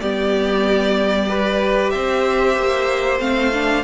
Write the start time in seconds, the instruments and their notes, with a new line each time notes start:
0.00 cello G3, viola B3, violin G4 D5
1.29 viola G4, violin B4
1.90 cello C4, violin C5 E5
2.57 cello A#3
3.19 cello A3, viola C4, violin F5
3.53 viola D4